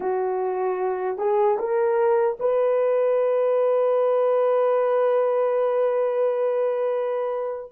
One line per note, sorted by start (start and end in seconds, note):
0.00 1.18 F#4
1.18 1.57 G#4
1.58 2.37 A#4
2.39 7.72 B4